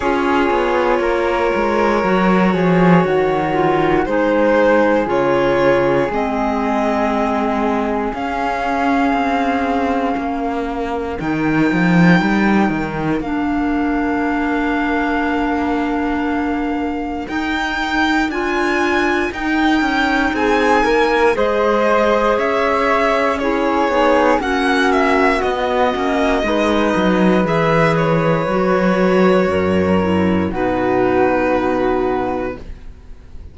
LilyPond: <<
  \new Staff \with { instrumentName = "violin" } { \time 4/4 \tempo 4 = 59 cis''1 | c''4 cis''4 dis''2 | f''2. g''4~ | g''4 f''2.~ |
f''4 g''4 gis''4 g''4 | gis''4 dis''4 e''4 cis''4 | fis''8 e''8 dis''2 e''8 cis''8~ | cis''2 b'2 | }
  \new Staff \with { instrumentName = "flute" } { \time 4/4 gis'4 ais'4. gis'8 fis'4 | gis'1~ | gis'2 ais'2~ | ais'1~ |
ais'1 | gis'8 ais'8 c''4 cis''4 gis'4 | fis'2 b'2~ | b'4 ais'4 fis'2 | }
  \new Staff \with { instrumentName = "clarinet" } { \time 4/4 f'2 fis'4. f'8 | dis'4 f'4 c'2 | cis'2. dis'4~ | dis'4 d'2.~ |
d'4 dis'4 f'4 dis'4~ | dis'4 gis'2 e'8 dis'8 | cis'4 b8 cis'8 dis'4 gis'4 | fis'4. e'8 dis'2 | }
  \new Staff \with { instrumentName = "cello" } { \time 4/4 cis'8 b8 ais8 gis8 fis8 f8 dis4 | gis4 cis4 gis2 | cis'4 c'4 ais4 dis8 f8 | g8 dis8 ais2.~ |
ais4 dis'4 d'4 dis'8 cis'8 | c'8 ais8 gis4 cis'4. b8 | ais4 b8 ais8 gis8 fis8 e4 | fis4 fis,4 b,2 | }
>>